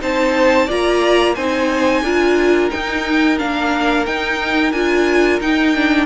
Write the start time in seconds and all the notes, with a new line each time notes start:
0.00 C4 D#4 C5 A5
0.66 A#3 F4 D5 A#5
1.35 C4 D#4 C5 G#5
2.01 D4 F4 A#4
2.70 D#4 G5
3.38 A#3 D4 F5
4.06 D#4 G5
4.72 D4 F4 G#5
5.40 D#4 G5
5.74 D4